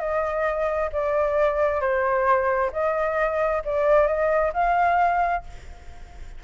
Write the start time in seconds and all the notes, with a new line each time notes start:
0.00 D#5
0.93 D5
1.81 C5
2.73 D#5
3.65 D5
4.07 D#5
4.54 F5